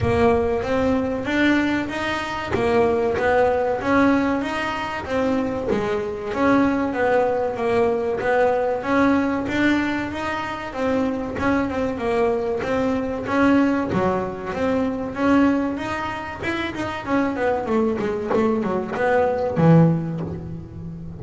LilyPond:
\new Staff \with { instrumentName = "double bass" } { \time 4/4 \tempo 4 = 95 ais4 c'4 d'4 dis'4 | ais4 b4 cis'4 dis'4 | c'4 gis4 cis'4 b4 | ais4 b4 cis'4 d'4 |
dis'4 c'4 cis'8 c'8 ais4 | c'4 cis'4 fis4 c'4 | cis'4 dis'4 e'8 dis'8 cis'8 b8 | a8 gis8 a8 fis8 b4 e4 | }